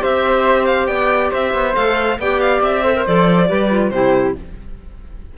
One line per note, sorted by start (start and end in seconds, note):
0.00 0.88 C4
0.00 1.74 G4
0.00 0.89 C5
0.00 0.66 E5
0.66 0.87 F5
0.87 1.31 B3
0.87 1.32 D5
0.87 1.30 G5
1.32 1.54 C4
1.32 2.19 C5
1.32 1.75 E5
1.54 1.76 B3
1.75 2.19 A3
1.75 2.18 A4
1.75 2.19 F5
2.19 2.62 B3
2.19 2.84 G4
2.19 2.84 D5
2.19 2.41 G5
2.41 2.62 F5
2.62 3.06 C4
2.62 3.07 E5
2.84 2.95 A4
2.84 3.49 C5
2.96 3.07 A#4
3.07 3.51 F3
3.07 3.48 A4
3.07 3.91 D5
3.48 3.91 G3
3.48 3.70 G4
3.48 3.92 B4
3.70 3.92 F4
3.91 4.35 C3
3.91 4.36 E4
3.91 4.38 G4
3.91 4.34 C5